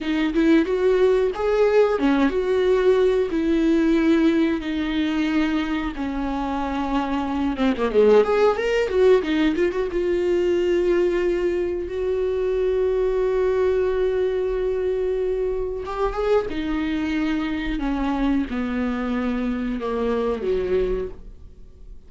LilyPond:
\new Staff \with { instrumentName = "viola" } { \time 4/4 \tempo 4 = 91 dis'8 e'8 fis'4 gis'4 cis'8 fis'8~ | fis'4 e'2 dis'4~ | dis'4 cis'2~ cis'8 c'16 ais16 | gis8 gis'8 ais'8 fis'8 dis'8 f'16 fis'16 f'4~ |
f'2 fis'2~ | fis'1 | g'8 gis'8 dis'2 cis'4 | b2 ais4 fis4 | }